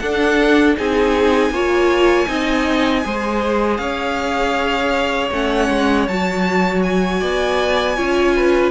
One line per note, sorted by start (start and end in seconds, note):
0.00 0.77 D4
0.00 0.78 A4
0.00 0.76 F#5
0.77 1.50 C4
0.77 1.53 D#4
0.77 1.53 G#4
0.77 3.77 G#5
1.50 2.26 A#3
1.50 2.27 F4
1.50 2.28 C#5
2.27 3.04 C4
2.27 3.03 D#4
2.27 3.04 D#5
3.04 3.78 G#3
3.04 5.32 G#4
3.04 3.81 C5
3.77 5.30 C#4
3.77 7.20 C#5
3.77 5.29 F5
5.31 5.69 A3
5.31 6.08 C#4
5.31 6.08 F#5
5.69 6.07 G#3
6.08 7.22 F#3
6.08 7.97 F#4
6.08 6.83 A5
6.83 8.72 G#5
7.20 7.98 B3
7.20 7.96 D5
7.96 8.72 C#4
7.96 8.72 F4
7.96 8.34 C#5
8.36 8.72 B4